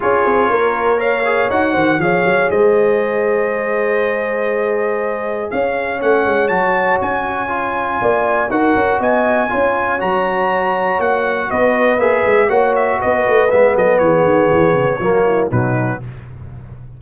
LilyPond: <<
  \new Staff \with { instrumentName = "trumpet" } { \time 4/4 \tempo 4 = 120 cis''2 f''4 fis''4 | f''4 dis''2.~ | dis''2. f''4 | fis''4 a''4 gis''2~ |
gis''4 fis''4 gis''2 | ais''2 fis''4 dis''4 | e''4 fis''8 e''8 dis''4 e''8 dis''8 | cis''2. b'4 | }
  \new Staff \with { instrumentName = "horn" } { \time 4/4 gis'4 ais'4 cis''4. c''8 | cis''4 c''2.~ | c''2. cis''4~ | cis''1 |
d''4 ais'4 dis''4 cis''4~ | cis''2. b'4~ | b'4 cis''4 b'4. a'8 | gis'2 fis'8 e'8 dis'4 | }
  \new Staff \with { instrumentName = "trombone" } { \time 4/4 f'2 ais'8 gis'8 fis'4 | gis'1~ | gis'1 | cis'4 fis'2 f'4~ |
f'4 fis'2 f'4 | fis'1 | gis'4 fis'2 b4~ | b2 ais4 fis4 | }
  \new Staff \with { instrumentName = "tuba" } { \time 4/4 cis'8 c'8 ais2 dis'8 dis8 | f8 fis8 gis2.~ | gis2. cis'4 | a8 gis8 fis4 cis'2 |
ais4 dis'8 cis'8 b4 cis'4 | fis2 ais4 b4 | ais8 gis8 ais4 b8 a8 gis8 fis8 | e8 dis8 e8 cis8 fis4 b,4 | }
>>